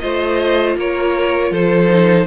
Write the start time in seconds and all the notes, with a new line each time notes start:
0.00 A3 F4 C5 D#5
0.77 A#3 A#4 C#5
1.51 F3 A4 C5
1.89 D#4